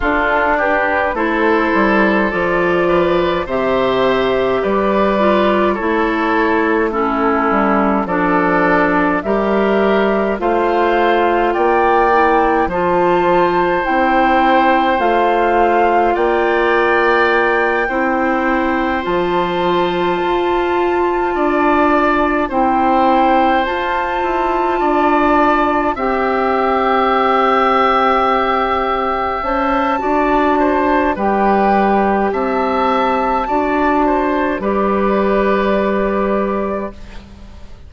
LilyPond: <<
  \new Staff \with { instrumentName = "flute" } { \time 4/4 \tempo 4 = 52 a'8 b'8 c''4 d''4 e''4 | d''4 cis''4 a'4 d''4 | e''4 f''4 g''4 a''4 | g''4 f''4 g''2~ |
g''8 a''2. g''8~ | g''8 a''2 g''4.~ | g''4. a''4. g''4 | a''2 d''2 | }
  \new Staff \with { instrumentName = "oboe" } { \time 4/4 f'8 g'8 a'4. b'8 c''4 | b'4 a'4 e'4 a'4 | ais'4 c''4 d''4 c''4~ | c''2 d''4. c''8~ |
c''2~ c''8 d''4 c''8~ | c''4. d''4 e''4.~ | e''2 d''8 c''8 b'4 | e''4 d''8 c''8 b'2 | }
  \new Staff \with { instrumentName = "clarinet" } { \time 4/4 d'4 e'4 f'4 g'4~ | g'8 f'8 e'4 cis'4 d'4 | g'4 f'4. e'8 f'4 | e'4 f'2~ f'8 e'8~ |
e'8 f'2. e'8~ | e'8 f'2 g'4.~ | g'4. c''8 fis'4 g'4~ | g'4 fis'4 g'2 | }
  \new Staff \with { instrumentName = "bassoon" } { \time 4/4 d'4 a8 g8 f4 c4 | g4 a4. g8 f4 | g4 a4 ais4 f4 | c'4 a4 ais4. c'8~ |
c'8 f4 f'4 d'4 c'8~ | c'8 f'8 e'8 d'4 c'4.~ | c'4. cis'8 d'4 g4 | c'4 d'4 g2 | }
>>